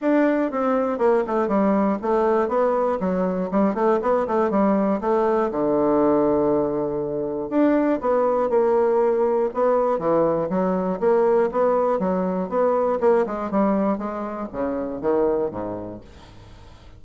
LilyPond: \new Staff \with { instrumentName = "bassoon" } { \time 4/4 \tempo 4 = 120 d'4 c'4 ais8 a8 g4 | a4 b4 fis4 g8 a8 | b8 a8 g4 a4 d4~ | d2. d'4 |
b4 ais2 b4 | e4 fis4 ais4 b4 | fis4 b4 ais8 gis8 g4 | gis4 cis4 dis4 gis,4 | }